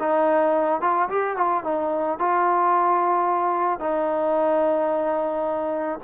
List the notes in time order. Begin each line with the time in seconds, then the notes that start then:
0.00 D#4
0.82 F4
1.10 G4
1.37 F4
1.64 D#4
2.19 F4
3.80 D#4